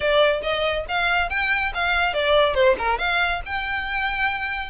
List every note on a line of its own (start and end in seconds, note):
0.00 0.41 D5
0.42 0.85 D#5
0.88 1.29 F5
1.29 1.72 G5
1.74 2.13 F5
2.13 2.54 D5
2.54 2.75 C5
2.78 2.98 A#4
2.98 3.41 F5
3.45 4.70 G5